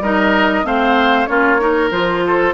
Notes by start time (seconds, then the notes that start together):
0.00 G3 D#4 A#4 D#5
0.64 A3 C4 C5 F5
1.26 A#3 C#4 F4 C#5
1.59 D#4 A#4
1.91 F3 F4 C5
2.27 A4